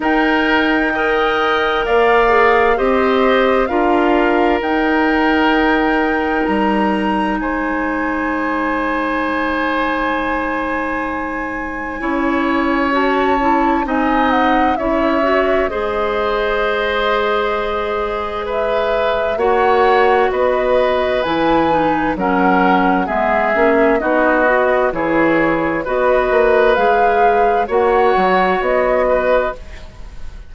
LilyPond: <<
  \new Staff \with { instrumentName = "flute" } { \time 4/4 \tempo 4 = 65 g''2 f''4 dis''4 | f''4 g''2 ais''4 | gis''1~ | gis''2 a''4 gis''8 fis''8 |
e''4 dis''2. | e''4 fis''4 dis''4 gis''4 | fis''4 e''4 dis''4 cis''4 | dis''4 f''4 fis''4 dis''4 | }
  \new Staff \with { instrumentName = "oboe" } { \time 4/4 ais'4 dis''4 d''4 c''4 | ais'1 | c''1~ | c''4 cis''2 dis''4 |
cis''4 c''2. | b'4 cis''4 b'2 | ais'4 gis'4 fis'4 gis'4 | b'2 cis''4. b'8 | }
  \new Staff \with { instrumentName = "clarinet" } { \time 4/4 dis'4 ais'4. gis'8 g'4 | f'4 dis'2.~ | dis'1~ | dis'4 e'4 fis'8 e'8 dis'4 |
e'8 fis'8 gis'2.~ | gis'4 fis'2 e'8 dis'8 | cis'4 b8 cis'8 dis'8 fis'8 e'4 | fis'4 gis'4 fis'2 | }
  \new Staff \with { instrumentName = "bassoon" } { \time 4/4 dis'2 ais4 c'4 | d'4 dis'2 g4 | gis1~ | gis4 cis'2 c'4 |
cis'4 gis2.~ | gis4 ais4 b4 e4 | fis4 gis8 ais8 b4 e4 | b8 ais8 gis4 ais8 fis8 b4 | }
>>